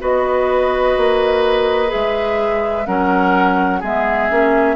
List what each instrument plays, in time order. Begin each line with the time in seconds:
0.00 bassoon B3, clarinet F#4, oboe B4, flute D#5
0.97 bassoon A#3
1.87 clarinet G#4, flute E5
1.95 bassoon G#3
2.87 bassoon F#3, clarinet C#4, oboe A#4, flute F#5
3.80 bassoon G#3, clarinet B3, oboe G#4, flute E5
4.30 bassoon A#3, clarinet C#4